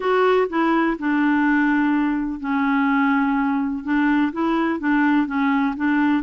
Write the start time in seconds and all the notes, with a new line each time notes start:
0.00 F#4
0.49 E4
0.99 D4
2.40 C#4
3.84 D4
4.32 E4
4.79 D4
5.26 C#4
5.76 D4